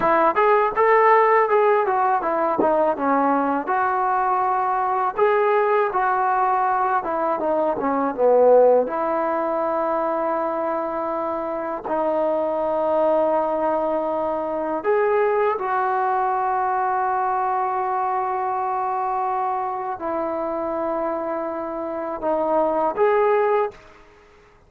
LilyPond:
\new Staff \with { instrumentName = "trombone" } { \time 4/4 \tempo 4 = 81 e'8 gis'8 a'4 gis'8 fis'8 e'8 dis'8 | cis'4 fis'2 gis'4 | fis'4. e'8 dis'8 cis'8 b4 | e'1 |
dis'1 | gis'4 fis'2.~ | fis'2. e'4~ | e'2 dis'4 gis'4 | }